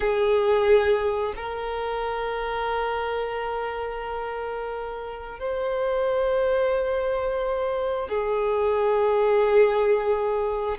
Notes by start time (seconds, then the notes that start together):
0.00 G#4
1.35 A#4
5.39 C5
8.08 G#4